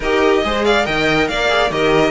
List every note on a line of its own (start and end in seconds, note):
0.00 0.43 D#4
0.00 0.44 G4
0.00 0.42 A#4
0.00 0.65 D#5
0.43 0.86 G#3
0.43 0.83 G#4
0.43 0.65 C5
0.65 0.86 D5
0.65 0.85 F5
0.83 1.29 D#3
0.83 1.47 A#4
0.83 1.28 D#5
0.83 1.28 G5
1.28 1.70 A#3
1.28 1.72 D5
1.28 1.71 F5
1.48 1.69 G#4
1.70 2.11 D#3
1.70 2.11 G4
1.70 2.11 A#4
1.70 2.11 D#5